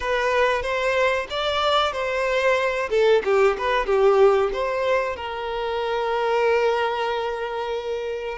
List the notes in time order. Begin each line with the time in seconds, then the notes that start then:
0.00 B4
0.62 C5
1.30 D5
1.92 C5
2.90 A4
3.24 G4
3.58 B4
3.85 G4
4.52 C5
5.16 A#4